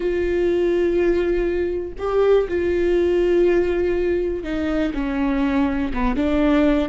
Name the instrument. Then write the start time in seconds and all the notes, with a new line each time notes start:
viola
0.00 F4
1.98 G4
2.48 F4
4.43 D#4
4.94 C#4
5.93 B3
6.15 D4